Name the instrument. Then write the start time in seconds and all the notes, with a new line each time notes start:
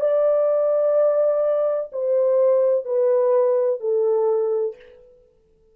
horn
0.00 D5
1.92 C5
2.85 B4
3.80 A4